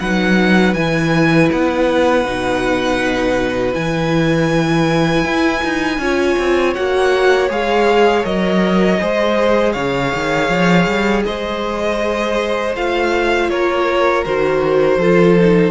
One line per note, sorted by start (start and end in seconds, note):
0.00 0.75 F#3
0.00 0.76 D#4
0.00 6.01 B4
0.00 0.74 F#5
0.74 1.50 E3
0.74 2.26 E4
0.74 1.49 G#5
1.52 2.25 B3
1.52 3.74 F#5
2.25 3.75 B2
2.25 3.73 D#4
3.73 5.25 E3
3.73 5.98 E4
3.73 6.74 G#5
5.25 5.62 E4
5.64 5.98 D#4
5.98 6.36 C#4
5.98 6.75 F4
5.98 9.01 C#5
6.39 6.76 C4
6.74 7.50 A#3
6.74 7.50 F#4
6.74 7.49 F#5
7.50 8.25 G#3
7.50 8.24 G#4
7.50 8.25 F5
8.24 9.00 F#3
8.24 8.99 A#4
8.24 9.73 D#5
8.99 9.76 G#3
8.99 12.74 G#4
8.99 9.73 C5
9.73 10.13 C#3
9.73 11.23 C#5
9.73 11.23 F5
10.15 10.49 D#3
10.49 10.87 F3
10.87 11.25 G3
11.26 12.76 G#3
11.26 13.51 C5
11.26 12.76 D#5
12.76 13.50 A3
12.76 14.26 F4
12.76 13.50 F5
13.50 14.25 A#3
13.50 14.98 A#4
13.50 14.25 C#5
14.25 14.98 D#3
14.25 15.01 F#4
14.25 15.71 C5
14.98 15.71 F3
14.98 15.39 F4
14.98 15.71 A4
15.41 15.71 D#4